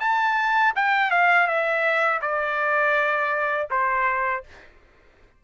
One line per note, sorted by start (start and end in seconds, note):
0.00 0.73 A5
0.75 1.10 G5
1.10 1.47 F5
1.47 2.20 E5
2.22 3.68 D5
3.70 4.43 C5